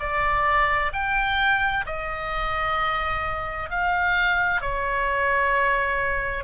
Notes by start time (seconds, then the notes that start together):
0.00 D5
0.93 G5
1.86 D#5
3.70 F5
4.62 C#5